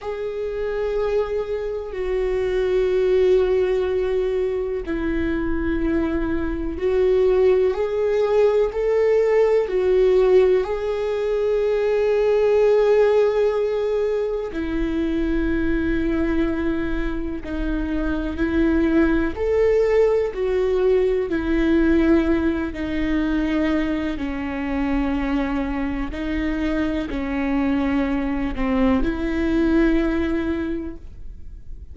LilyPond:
\new Staff \with { instrumentName = "viola" } { \time 4/4 \tempo 4 = 62 gis'2 fis'2~ | fis'4 e'2 fis'4 | gis'4 a'4 fis'4 gis'4~ | gis'2. e'4~ |
e'2 dis'4 e'4 | a'4 fis'4 e'4. dis'8~ | dis'4 cis'2 dis'4 | cis'4. c'8 e'2 | }